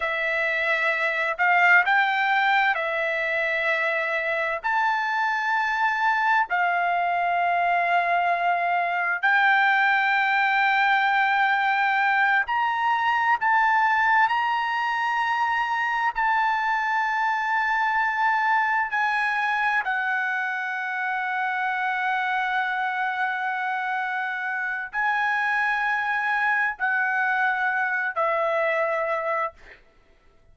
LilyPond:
\new Staff \with { instrumentName = "trumpet" } { \time 4/4 \tempo 4 = 65 e''4. f''8 g''4 e''4~ | e''4 a''2 f''4~ | f''2 g''2~ | g''4. ais''4 a''4 ais''8~ |
ais''4. a''2~ a''8~ | a''8 gis''4 fis''2~ fis''8~ | fis''2. gis''4~ | gis''4 fis''4. e''4. | }